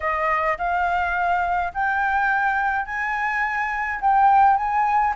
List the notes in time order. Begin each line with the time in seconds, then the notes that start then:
0.00 D#5
0.58 F5
1.74 G5
2.85 G#5
4.00 G5
4.56 G#5